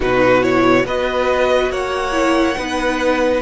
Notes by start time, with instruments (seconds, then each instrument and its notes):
0.00 cello B2, viola D#4, violin F#4 B4
0.41 viola E4, violin C#5
0.85 cello B3, viola F#4, violin B4 D#5
1.70 cello A#3, violin C#5 F#5
2.11 viola E4
2.56 cello B3, viola D#4, violin B4